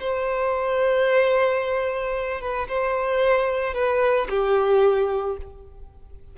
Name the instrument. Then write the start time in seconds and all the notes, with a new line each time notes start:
violin
0.00 C5
2.41 B4
2.68 C5
3.74 B4
4.30 G4